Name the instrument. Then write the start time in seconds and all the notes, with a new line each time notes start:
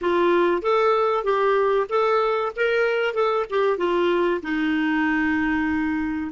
clarinet
0.01 F4
0.61 A4
1.23 G4
1.89 A4
2.56 A#4
3.14 A4
3.49 G4
3.77 F4
4.42 D#4